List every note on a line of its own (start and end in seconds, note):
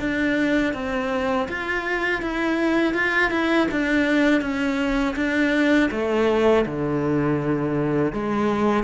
0.00 0.74 D4
0.74 1.48 C4
1.48 2.22 F4
2.22 2.94 E4
2.94 3.31 F4
3.31 3.68 E4
3.72 4.41 D4
4.41 5.15 C#4
5.16 5.90 D4
5.91 6.65 A3
6.66 8.13 D3
8.13 8.84 G#3